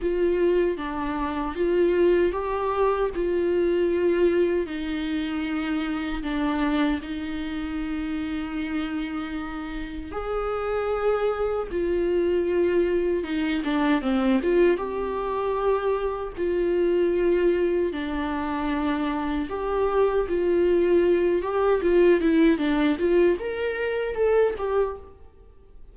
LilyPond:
\new Staff \with { instrumentName = "viola" } { \time 4/4 \tempo 4 = 77 f'4 d'4 f'4 g'4 | f'2 dis'2 | d'4 dis'2.~ | dis'4 gis'2 f'4~ |
f'4 dis'8 d'8 c'8 f'8 g'4~ | g'4 f'2 d'4~ | d'4 g'4 f'4. g'8 | f'8 e'8 d'8 f'8 ais'4 a'8 g'8 | }